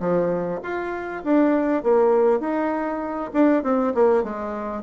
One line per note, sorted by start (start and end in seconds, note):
0.00 0.61 F3
0.63 1.23 F4
1.24 1.83 D4
1.83 2.40 A#3
2.40 3.31 D#4
3.33 3.63 D4
3.63 3.94 C4
3.94 4.23 A#3
4.23 4.83 G#3